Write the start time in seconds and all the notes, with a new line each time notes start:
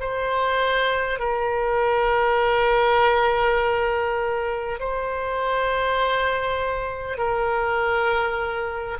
0.00 C5
1.19 A#4
4.79 C5
7.17 A#4